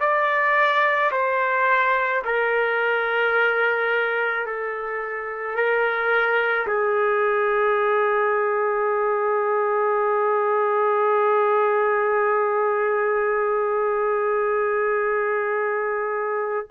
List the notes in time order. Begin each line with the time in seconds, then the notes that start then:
0.00 D5
1.12 C5
2.25 A#4
4.46 A4
5.56 A#4
6.67 G#4